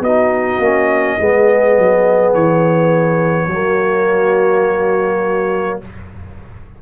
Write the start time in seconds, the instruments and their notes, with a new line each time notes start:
0.00 tuba B3, horn F#4, trumpet D#5
0.06 trombone D#4
0.59 tuba A#3, trombone C#4
1.19 tuba G#3, trombone B3, horn G#4
1.78 tuba F#3
2.34 tuba E3, trumpet C#5
3.47 tuba F#3, trombone A#3, horn F#4